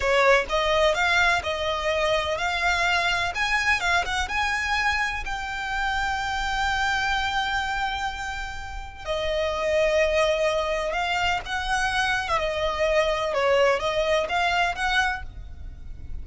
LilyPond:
\new Staff \with { instrumentName = "violin" } { \time 4/4 \tempo 4 = 126 cis''4 dis''4 f''4 dis''4~ | dis''4 f''2 gis''4 | f''8 fis''8 gis''2 g''4~ | g''1~ |
g''2. dis''4~ | dis''2. f''4 | fis''4.~ fis''16 e''16 dis''2 | cis''4 dis''4 f''4 fis''4 | }